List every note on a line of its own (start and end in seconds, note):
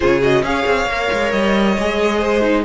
0.00 0.42 C#3
0.00 0.21 F4
0.00 0.43 G#4
0.00 0.21 C#5
0.21 0.43 F#4
0.21 0.44 D#5
0.42 0.64 C#4
0.42 0.88 G#4
0.42 1.31 F5
0.48 2.18 C#5
0.66 0.86 C4
0.86 1.08 A#3
0.86 1.77 A#4
1.12 1.33 G#3
1.31 1.77 G3
1.31 2.64 D#5
1.78 2.65 G#3
1.78 2.41 G#4
2.18 2.62 C5
2.41 2.63 D#4